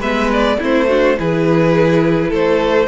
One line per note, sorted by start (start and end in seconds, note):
0.00 0.57 G#3
0.00 0.60 B3
0.00 0.57 B4
0.00 0.30 E5
0.32 0.61 D5
0.59 1.19 A3
0.59 0.89 C4
0.59 0.87 E4
0.59 1.19 C5
0.88 1.19 D4
0.88 1.17 F#4
1.19 2.32 E3
1.19 2.87 E4
1.19 2.29 G#4
1.19 2.33 B4
2.29 2.87 A3
2.29 2.86 A4
2.29 2.87 C5